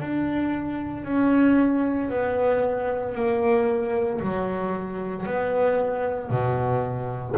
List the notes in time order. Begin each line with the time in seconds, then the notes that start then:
0.00 D4
1.04 C#4
2.10 B3
3.15 A#3
4.21 F#3
5.26 B3
6.30 B2